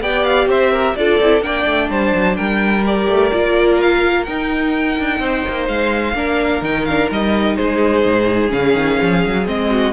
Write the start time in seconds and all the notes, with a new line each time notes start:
0.00 B3 G4 D5 G5
0.24 F5
0.46 C4 C5 E5
0.71 A#4
0.95 D4 F4 A4 D5
1.19 C4 E4
1.41 A#3 D4 D5 G5
1.65 A3
1.89 G3 C5 A5
2.14 F#3
2.36 G3 A#4 G5
2.85 G4 D5
3.07 A3
3.32 A#3 F4
3.81 F5
4.23 D#4 G5
4.99 D4
5.19 C4 C5
5.48 A#3
5.68 G#3 F5
6.13 A#3 D4 A#4
6.61 D#3 D#4 G5
6.85 D4 F5
7.10 G3 D#4 D#5
7.56 G#3 G#4 C5
8.05 G#2
8.48 C#3 C#4 F5
8.74 D#3
9.01 F3
9.25 F#3
9.46 G#3 C4 D#5
9.70 F#4